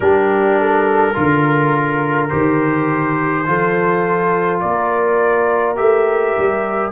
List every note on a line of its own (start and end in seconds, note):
0.00 1.13 G3
0.00 1.13 D4
0.00 0.59 G4
0.00 2.28 A#4
0.59 1.13 A4
1.13 2.32 D3
1.13 2.29 F4
1.13 3.44 A#4
2.29 3.47 D#3
2.29 3.44 G4
2.29 4.60 C5
3.46 4.62 F3
3.46 5.76 F4
3.46 4.62 A4
4.60 5.78 A#3
4.60 6.92 A#4
4.60 5.75 D5
5.76 6.35 A3
5.76 6.91 G4
5.76 6.92 E5
6.37 6.92 G3